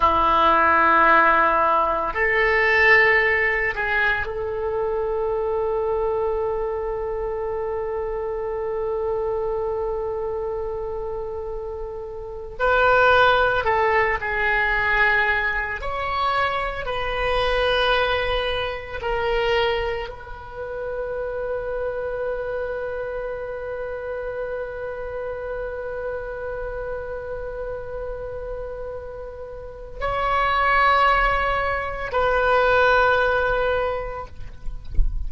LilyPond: \new Staff \with { instrumentName = "oboe" } { \time 4/4 \tempo 4 = 56 e'2 a'4. gis'8 | a'1~ | a'2.~ a'8. b'16~ | b'8. a'8 gis'4. cis''4 b'16~ |
b'4.~ b'16 ais'4 b'4~ b'16~ | b'1~ | b'1 | cis''2 b'2 | }